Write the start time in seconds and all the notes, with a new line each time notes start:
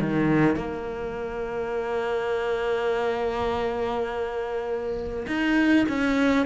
0.00 D#3
0.56 A#3
5.27 D#4
5.89 C#4